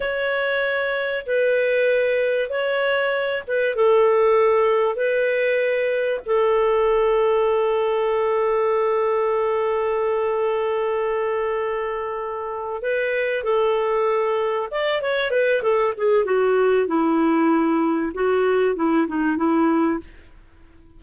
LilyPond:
\new Staff \with { instrumentName = "clarinet" } { \time 4/4 \tempo 4 = 96 cis''2 b'2 | cis''4. b'8 a'2 | b'2 a'2~ | a'1~ |
a'1~ | a'8 b'4 a'2 d''8 | cis''8 b'8 a'8 gis'8 fis'4 e'4~ | e'4 fis'4 e'8 dis'8 e'4 | }